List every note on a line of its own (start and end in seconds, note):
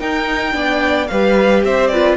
0.00 0.52 D#4
0.00 0.54 D#4
0.00 0.55 A#4
0.00 1.08 G5
0.52 1.09 B3
0.52 1.06 D4
0.52 1.11 D5
1.08 1.64 G3
1.08 1.93 G4
1.08 1.65 B4
1.08 1.62 F5
1.64 2.18 C4
1.64 1.91 C5
1.64 1.88 E5
1.88 2.18 F4
1.88 2.18 B4
1.88 2.15 D5